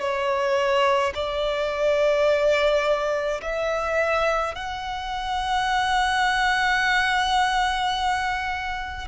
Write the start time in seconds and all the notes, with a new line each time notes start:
0.00 C#5
1.15 D5
3.42 E5
4.55 F#5